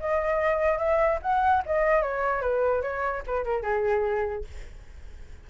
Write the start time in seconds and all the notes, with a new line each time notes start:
0.00 D#5
0.78 E5
1.23 F#5
1.66 D#5
2.02 C#5
2.42 B4
2.82 C#5
3.27 B4
3.45 A#4
3.63 G#4